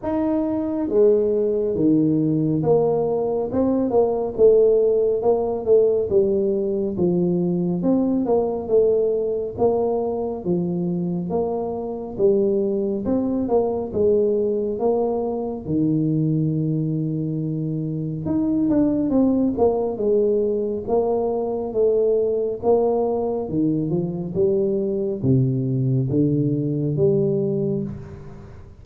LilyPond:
\new Staff \with { instrumentName = "tuba" } { \time 4/4 \tempo 4 = 69 dis'4 gis4 dis4 ais4 | c'8 ais8 a4 ais8 a8 g4 | f4 c'8 ais8 a4 ais4 | f4 ais4 g4 c'8 ais8 |
gis4 ais4 dis2~ | dis4 dis'8 d'8 c'8 ais8 gis4 | ais4 a4 ais4 dis8 f8 | g4 c4 d4 g4 | }